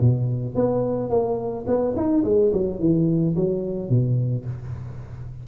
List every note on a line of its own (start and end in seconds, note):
0.00 0.55 B2
0.55 1.10 B3
1.10 1.65 A#3
1.67 1.94 B3
1.96 2.24 D#4
2.24 2.52 G#3
2.53 2.79 F#3
2.79 3.35 E3
3.36 3.89 F#3
3.89 4.45 B2